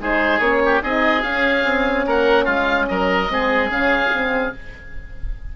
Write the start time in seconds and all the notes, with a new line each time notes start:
0.00 G#3 D#4 G#4 C5
0.39 A#3 C#4 C#5
0.65 G4
0.83 C4 D#4 G#4 D#5
1.23 C#4 F5
1.64 C4
2.06 A#3 A#4 F#5
2.45 G#3 F4 F5
2.88 F#3 A#4 D#5
3.29 G#3 C4 G#4
3.69 C#3 C#4 F5
4.13 C4